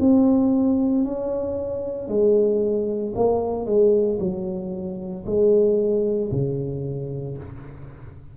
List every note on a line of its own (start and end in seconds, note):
0.00 1.04 C4
1.04 2.08 C#4
2.08 3.13 G#3
3.15 3.66 A#3
3.66 4.18 G#3
4.19 5.24 F#3
5.26 6.31 G#3
6.32 7.37 C#3